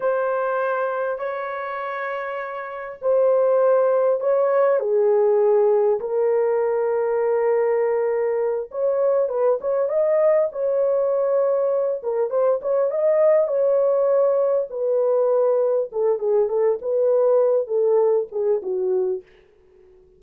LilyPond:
\new Staff \with { instrumentName = "horn" } { \time 4/4 \tempo 4 = 100 c''2 cis''2~ | cis''4 c''2 cis''4 | gis'2 ais'2~ | ais'2~ ais'8 cis''4 b'8 |
cis''8 dis''4 cis''2~ cis''8 | ais'8 c''8 cis''8 dis''4 cis''4.~ | cis''8 b'2 a'8 gis'8 a'8 | b'4. a'4 gis'8 fis'4 | }